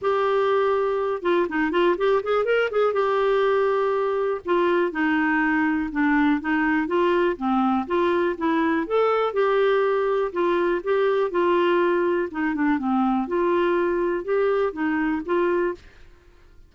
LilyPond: \new Staff \with { instrumentName = "clarinet" } { \time 4/4 \tempo 4 = 122 g'2~ g'8 f'8 dis'8 f'8 | g'8 gis'8 ais'8 gis'8 g'2~ | g'4 f'4 dis'2 | d'4 dis'4 f'4 c'4 |
f'4 e'4 a'4 g'4~ | g'4 f'4 g'4 f'4~ | f'4 dis'8 d'8 c'4 f'4~ | f'4 g'4 dis'4 f'4 | }